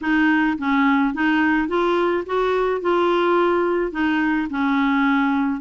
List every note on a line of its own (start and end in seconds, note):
0.01 0.57 D#4
0.58 1.13 C#4
1.13 1.68 D#4
1.68 2.24 F4
2.26 2.81 F#4
2.81 3.91 F4
3.91 4.47 D#4
4.49 5.60 C#4